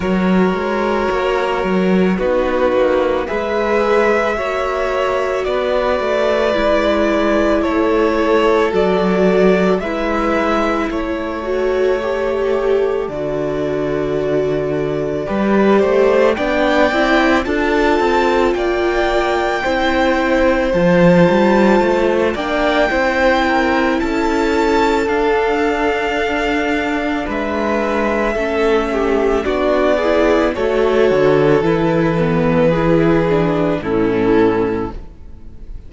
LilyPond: <<
  \new Staff \with { instrumentName = "violin" } { \time 4/4 \tempo 4 = 55 cis''2 b'4 e''4~ | e''4 d''2 cis''4 | d''4 e''4 cis''2 | d''2. g''4 |
a''4 g''2 a''4~ | a''8 g''4. a''4 f''4~ | f''4 e''2 d''4 | cis''4 b'2 a'4 | }
  \new Staff \with { instrumentName = "violin" } { \time 4/4 ais'2 fis'4 b'4 | cis''4 b'2 a'4~ | a'4 b'4 a'2~ | a'2 b'8 c''8 d''4 |
a'4 d''4 c''2~ | c''8 d''8 c''8 ais'8 a'2~ | a'4 b'4 a'8 g'8 fis'8 gis'8 | a'2 gis'4 e'4 | }
  \new Staff \with { instrumentName = "viola" } { \time 4/4 fis'2 dis'4 gis'4 | fis'2 e'2 | fis'4 e'4. fis'8 g'4 | fis'2 g'4 d'8 e'8 |
f'2 e'4 f'4~ | f'8 d'8 e'2 d'4~ | d'2 cis'4 d'8 e'8 | fis'4 e'8 b8 e'8 d'8 cis'4 | }
  \new Staff \with { instrumentName = "cello" } { \time 4/4 fis8 gis8 ais8 fis8 b8 ais8 gis4 | ais4 b8 a8 gis4 a4 | fis4 gis4 a2 | d2 g8 a8 b8 c'8 |
d'8 c'8 ais4 c'4 f8 g8 | a8 ais8 c'4 cis'4 d'4~ | d'4 gis4 a4 b4 | a8 d8 e2 a,4 | }
>>